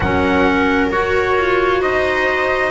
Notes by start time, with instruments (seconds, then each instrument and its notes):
0.00 double bass F#3, clarinet C#4, viola A#4, trumpet F#5
0.91 double bass F#4, clarinet F#4, trumpet C#5
1.36 double bass F4
1.81 double bass D#4, viola C5, trumpet D#5